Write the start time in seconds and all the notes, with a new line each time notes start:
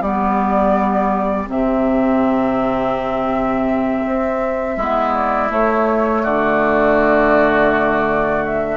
0.00 G3 B3 G4 D5
1.47 C3 C4 E5
4.07 C4
4.76 G#3 B3 E4
5.14 D5
5.49 A3 C#5
6.23 D3 F#4 D5
8.45 E5